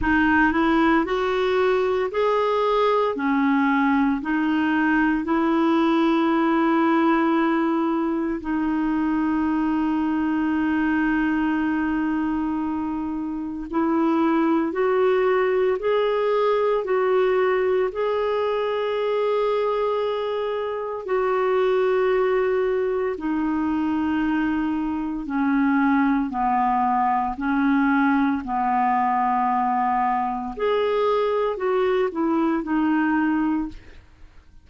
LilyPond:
\new Staff \with { instrumentName = "clarinet" } { \time 4/4 \tempo 4 = 57 dis'8 e'8 fis'4 gis'4 cis'4 | dis'4 e'2. | dis'1~ | dis'4 e'4 fis'4 gis'4 |
fis'4 gis'2. | fis'2 dis'2 | cis'4 b4 cis'4 b4~ | b4 gis'4 fis'8 e'8 dis'4 | }